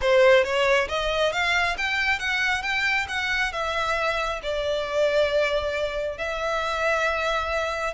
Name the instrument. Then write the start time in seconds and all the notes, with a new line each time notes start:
violin
0.01 C5
0.44 C#5
0.88 D#5
1.32 F5
1.77 G5
2.19 F#5
2.62 G5
3.08 F#5
3.52 E5
4.42 D5
6.17 E5